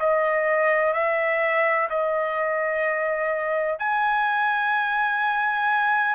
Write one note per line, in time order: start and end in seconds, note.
0.00 0.94 D#5
0.94 1.89 E5
1.90 3.79 D#5
3.79 6.16 G#5